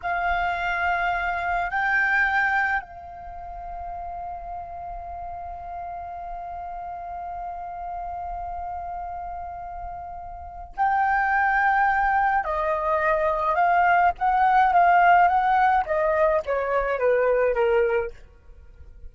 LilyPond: \new Staff \with { instrumentName = "flute" } { \time 4/4 \tempo 4 = 106 f''2. g''4~ | g''4 f''2.~ | f''1~ | f''1~ |
f''2. g''4~ | g''2 dis''2 | f''4 fis''4 f''4 fis''4 | dis''4 cis''4 b'4 ais'4 | }